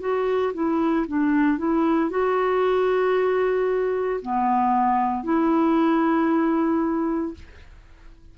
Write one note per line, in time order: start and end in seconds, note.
0.00 0.53 F#4
0.54 1.06 E4
1.08 1.58 D4
1.58 2.10 E4
2.10 4.21 F#4
4.22 5.23 B3
5.23 7.34 E4